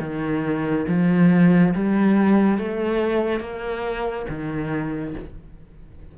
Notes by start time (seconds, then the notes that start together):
0.00 D#3
0.88 F3
1.75 G3
2.59 A3
3.41 A#3
4.29 D#3